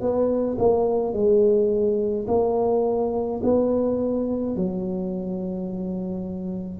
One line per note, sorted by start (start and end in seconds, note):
0.00 0.57 B3
0.58 1.13 A#3
1.13 2.26 G#3
2.27 3.41 A#3
3.43 4.56 B3
4.56 6.80 F#3